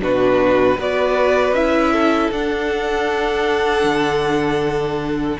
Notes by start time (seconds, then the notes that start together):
0.00 B2 D4 F#4 B4
0.78 B3 F#4 B4 D5
1.52 C#4 E4 E5
1.93 A4
2.32 D4 F#5
3.84 D3